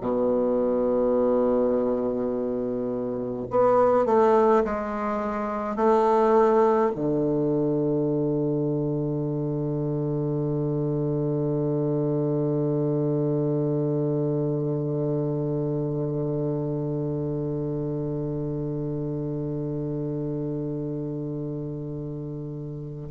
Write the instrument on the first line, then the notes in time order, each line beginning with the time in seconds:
bassoon
0.00 B2
3.50 B3
4.05 A3
4.64 G#3
5.76 A3
6.95 D3